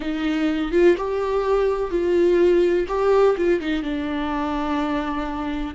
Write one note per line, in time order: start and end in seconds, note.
0.00 0.71 D#4
0.71 0.95 F4
0.97 1.90 G4
1.90 2.86 F4
2.88 3.36 G4
3.37 3.60 F4
3.60 3.82 D#4
3.82 5.74 D4